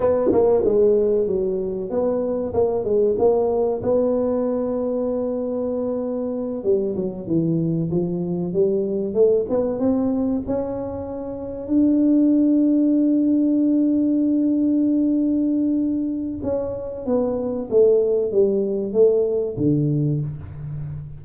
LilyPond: \new Staff \with { instrumentName = "tuba" } { \time 4/4 \tempo 4 = 95 b8 ais8 gis4 fis4 b4 | ais8 gis8 ais4 b2~ | b2~ b8 g8 fis8 e8~ | e8 f4 g4 a8 b8 c'8~ |
c'8 cis'2 d'4.~ | d'1~ | d'2 cis'4 b4 | a4 g4 a4 d4 | }